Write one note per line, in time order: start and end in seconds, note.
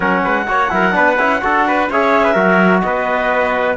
0.00 0.22 F#3
0.00 0.46 C#4
0.00 0.23 A#4
0.00 1.89 F#5
0.24 0.48 G#3
0.24 0.47 B4
0.47 0.71 A#3
0.47 0.69 F#4
0.47 0.73 C#5
0.69 0.95 F#3
0.69 0.91 E4
0.69 0.95 A#4
0.91 1.18 B3
0.91 1.15 D4
0.91 1.42 B4
1.18 1.42 C#4
1.18 1.41 E4
1.41 1.89 D4
1.41 1.88 F#4
1.41 1.67 A4
1.67 1.90 B4
1.89 2.35 C#4
1.89 2.35 G#4
1.89 2.23 C#5
1.89 2.81 E5
2.23 2.33 B4
2.33 2.82 F#3
2.33 3.77 F#4
2.33 2.80 A#4
2.81 3.77 B3
2.81 3.77 B4
2.81 3.75 D#5